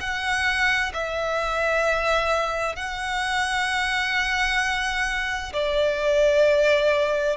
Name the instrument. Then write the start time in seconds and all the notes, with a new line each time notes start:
violin
0.00 F#5
0.94 E5
2.76 F#5
5.53 D5